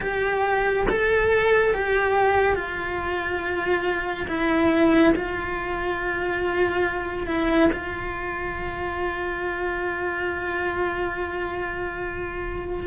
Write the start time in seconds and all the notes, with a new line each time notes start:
0.00 G4
0.88 A4
1.74 G4
2.55 F4
4.27 E4
5.15 F4
7.27 E4
7.72 F4